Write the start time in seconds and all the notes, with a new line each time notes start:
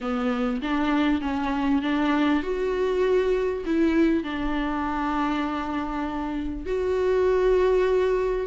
0.00 B3
0.61 D4
1.21 C#4
1.82 D4
2.42 F#4
3.65 E4
4.23 D4
6.65 F#4